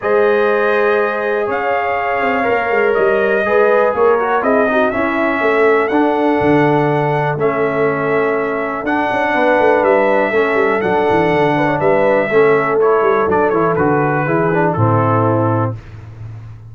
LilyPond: <<
  \new Staff \with { instrumentName = "trumpet" } { \time 4/4 \tempo 4 = 122 dis''2. f''4~ | f''2 dis''2 | cis''4 dis''4 e''2 | fis''2. e''4~ |
e''2 fis''2 | e''2 fis''2 | e''2 cis''4 d''8 cis''8 | b'2 a'2 | }
  \new Staff \with { instrumentName = "horn" } { \time 4/4 c''2. cis''4~ | cis''2. b'4 | ais'4 gis'8 fis'8 e'4 a'4~ | a'1~ |
a'2. b'4~ | b'4 a'2~ a'8 b'16 cis''16 | b'4 a'2.~ | a'4 gis'4 e'2 | }
  \new Staff \with { instrumentName = "trombone" } { \time 4/4 gis'1~ | gis'4 ais'2 gis'4~ | gis'8 fis'8 e'8 dis'8 cis'2 | d'2. cis'4~ |
cis'2 d'2~ | d'4 cis'4 d'2~ | d'4 cis'4 e'4 d'8 e'8 | fis'4 e'8 d'8 c'2 | }
  \new Staff \with { instrumentName = "tuba" } { \time 4/4 gis2. cis'4~ | cis'8 c'8 ais8 gis8 g4 gis4 | ais4 c'4 cis'4 a4 | d'4 d2 a4~ |
a2 d'8 cis'8 b8 a8 | g4 a8 g8 fis8 e8 d4 | g4 a4. g8 fis8 e8 | d4 e4 a,2 | }
>>